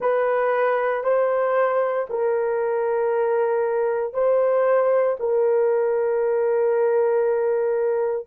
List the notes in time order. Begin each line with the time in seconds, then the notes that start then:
0.00 B4
1.03 C5
2.09 A#4
4.13 C5
5.19 A#4